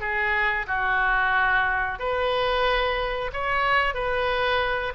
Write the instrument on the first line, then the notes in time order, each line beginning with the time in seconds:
oboe
0.00 G#4
0.67 F#4
1.99 B4
3.33 C#5
3.94 B4